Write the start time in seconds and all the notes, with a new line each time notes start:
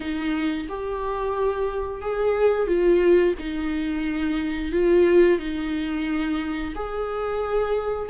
0.00 D#4
0.68 G4
2.01 G#4
2.67 F4
3.38 D#4
4.72 F4
5.38 D#4
6.75 G#4